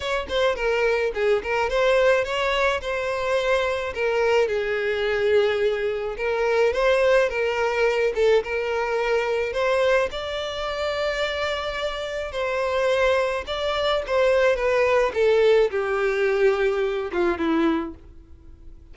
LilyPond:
\new Staff \with { instrumentName = "violin" } { \time 4/4 \tempo 4 = 107 cis''8 c''8 ais'4 gis'8 ais'8 c''4 | cis''4 c''2 ais'4 | gis'2. ais'4 | c''4 ais'4. a'8 ais'4~ |
ais'4 c''4 d''2~ | d''2 c''2 | d''4 c''4 b'4 a'4 | g'2~ g'8 f'8 e'4 | }